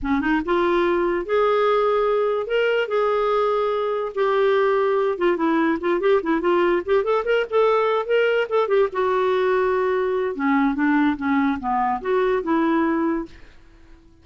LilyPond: \new Staff \with { instrumentName = "clarinet" } { \time 4/4 \tempo 4 = 145 cis'8 dis'8 f'2 gis'4~ | gis'2 ais'4 gis'4~ | gis'2 g'2~ | g'8 f'8 e'4 f'8 g'8 e'8 f'8~ |
f'8 g'8 a'8 ais'8 a'4. ais'8~ | ais'8 a'8 g'8 fis'2~ fis'8~ | fis'4 cis'4 d'4 cis'4 | b4 fis'4 e'2 | }